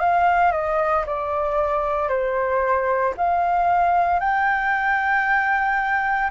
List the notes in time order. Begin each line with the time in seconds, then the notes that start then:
0.00 F5
0.52 D#5
1.06 D5
2.09 C5
3.17 F5
4.20 G5